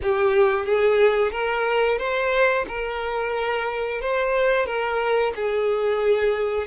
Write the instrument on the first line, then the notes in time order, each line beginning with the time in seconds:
violin
0.02 G4
0.65 G#4
1.31 A#4
1.98 C5
2.68 A#4
4.01 C5
4.66 A#4
5.35 G#4